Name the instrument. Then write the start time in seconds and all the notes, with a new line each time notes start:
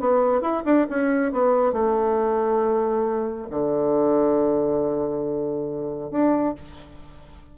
bassoon
0.00 B3
0.41 E4
0.65 D4
0.90 C#4
1.32 B3
1.73 A3
3.50 D3
6.11 D4